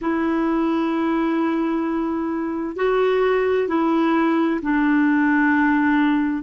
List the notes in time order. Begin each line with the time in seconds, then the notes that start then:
0.01 E4
2.76 F#4
3.68 E4
4.62 D4